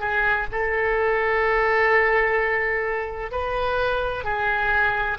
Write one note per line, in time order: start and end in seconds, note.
0.00 0.47 G#4
0.52 3.32 A4
3.32 4.24 B4
4.24 5.18 G#4